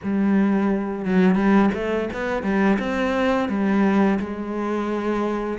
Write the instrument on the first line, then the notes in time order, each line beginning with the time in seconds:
cello
0.03 G3
1.05 F#3
1.35 G3
1.74 A3
2.13 B3
2.43 G3
2.79 C4
3.49 G3
4.19 G#3